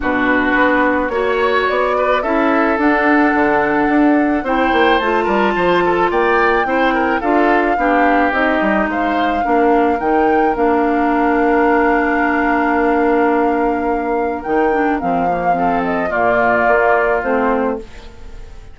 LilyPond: <<
  \new Staff \with { instrumentName = "flute" } { \time 4/4 \tempo 4 = 108 b'2 cis''4 d''4 | e''4 fis''2. | g''4 a''2 g''4~ | g''4 f''2 dis''4 |
f''2 g''4 f''4~ | f''1~ | f''2 g''4 f''4~ | f''8 dis''8 d''2 c''4 | }
  \new Staff \with { instrumentName = "oboe" } { \time 4/4 fis'2 cis''4. b'8 | a'1 | c''4. ais'8 c''8 a'8 d''4 | c''8 ais'8 a'4 g'2 |
c''4 ais'2.~ | ais'1~ | ais'1 | a'4 f'2. | }
  \new Staff \with { instrumentName = "clarinet" } { \time 4/4 d'2 fis'2 | e'4 d'2. | e'4 f'2. | e'4 f'4 d'4 dis'4~ |
dis'4 d'4 dis'4 d'4~ | d'1~ | d'2 dis'8 d'8 c'8 ais8 | c'4 ais2 c'4 | }
  \new Staff \with { instrumentName = "bassoon" } { \time 4/4 b,4 b4 ais4 b4 | cis'4 d'4 d4 d'4 | c'8 ais8 a8 g8 f4 ais4 | c'4 d'4 b4 c'8 g8 |
gis4 ais4 dis4 ais4~ | ais1~ | ais2 dis4 f4~ | f4 ais,4 ais4 a4 | }
>>